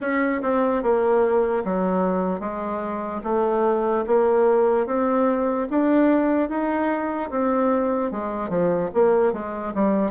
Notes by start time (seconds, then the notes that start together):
0.00 C#4
0.42 C4
0.82 A#3
1.64 F#3
2.40 G#3
3.23 A3
4.06 A#3
4.86 C4
5.70 D4
6.49 D#4
7.30 C4
8.11 G#3
8.49 F3
8.94 A#3
9.32 G#3
9.74 G3